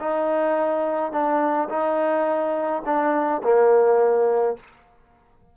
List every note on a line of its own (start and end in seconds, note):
0.00 1.12 D#4
1.12 1.69 D4
1.69 2.83 D#4
2.85 3.42 D4
3.43 4.56 A#3